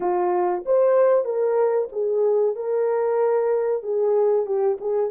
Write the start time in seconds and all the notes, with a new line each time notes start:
0.00 F4
0.65 C5
1.24 A#4
1.91 G#4
2.55 A#4
3.83 G#4
4.46 G4
4.80 G#4